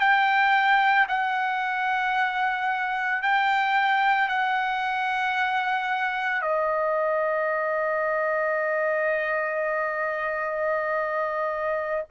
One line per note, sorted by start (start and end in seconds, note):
0.00 1.07 G5
1.09 3.23 F#5
3.23 4.29 G5
4.29 6.42 F#5
6.42 12.05 D#5